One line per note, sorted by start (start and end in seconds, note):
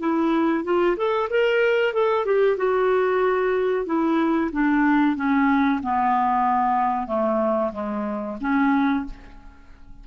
0.00 0.65 E4
0.65 0.97 F4
0.97 1.29 A4
1.30 1.94 A#4
1.94 2.26 A4
2.26 2.57 G4
2.57 3.86 F#4
3.86 4.51 E4
4.52 5.16 D4
5.16 5.81 C#4
5.83 7.07 B3
7.07 7.72 A3
7.73 8.38 G#3
8.41 9.05 C#4